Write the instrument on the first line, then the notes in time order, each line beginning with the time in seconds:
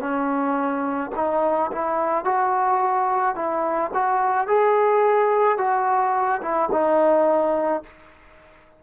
trombone
0.00 C#4
1.16 D#4
1.72 E4
2.25 F#4
3.36 E4
3.94 F#4
4.48 G#4
5.58 F#4
6.42 E4
6.72 D#4